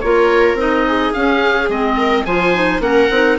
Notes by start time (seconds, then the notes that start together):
0.00 A#3 F4 A#4 C#5
0.54 C4 D#4 D#5
0.87 G#4
1.13 C#4 F5
1.68 G#3 C4 D#5
1.96 A#4
2.25 F3 F4 C5 G#5
2.54 D#4
2.79 A#3 C#4 A#4 F#5
3.10 C4 D#4